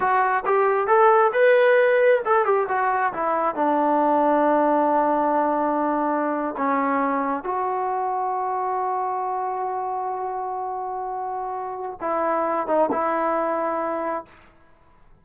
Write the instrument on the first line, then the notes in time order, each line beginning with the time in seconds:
trombone
0.00 F#4
0.45 G4
0.87 A4
1.32 B4
2.25 A4
2.45 G4
2.68 F#4
3.13 E4
3.55 D4
6.57 C#4
7.43 F#4
12.00 E4
12.67 D#4
12.91 E4